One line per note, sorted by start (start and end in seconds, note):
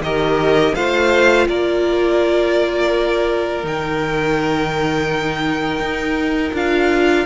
0.00 0.72 D#3
0.00 0.76 G4
0.00 0.75 A#4
0.00 0.74 D#5
0.74 1.48 A3
0.74 3.63 F4
0.74 1.47 C5
0.74 1.47 F5
1.48 3.64 A#3
1.48 7.26 A#4
1.48 3.65 D5
3.63 5.80 D#3
3.63 6.53 D#4
3.63 6.56 G5
5.80 6.52 D#4
6.53 7.25 D4
6.53 7.26 F4
6.53 7.26 F5